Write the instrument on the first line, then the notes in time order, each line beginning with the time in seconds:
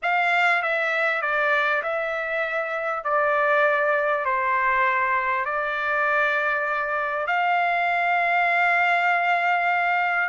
trumpet
0.02 F5
0.62 E5
1.21 D5
1.83 E5
3.04 D5
4.25 C5
5.45 D5
7.26 F5